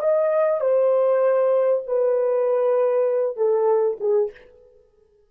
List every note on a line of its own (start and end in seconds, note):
0.00 0.61 D#5
0.61 1.83 C5
1.87 3.37 B4
3.37 3.98 A4
4.01 4.31 G#4